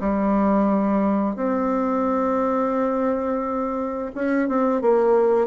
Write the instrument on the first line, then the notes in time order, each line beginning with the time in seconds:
bassoon
0.00 G3
1.35 C4
4.15 C#4
4.49 C4
4.81 A#3